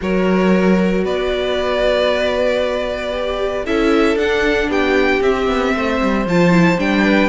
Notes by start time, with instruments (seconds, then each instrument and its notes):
0.01 cello F#3, viola F#4, violin A#4 C#5
1.04 cello B3, violin B4 D5
3.11 viola G4
3.65 cello C#4, viola E4, violin A4 E5
4.15 cello D4, viola D4, violin F#5
4.67 cello B3, violin G4 G5
5.21 cello C4, viola C4, violin E5
5.47 cello B3
5.74 cello A3, violin C5
6.01 cello G3
6.25 cello F3, viola F4, violin A5
6.51 viola E4
6.77 cello G3, viola D4, violin G5
7.03 violin B4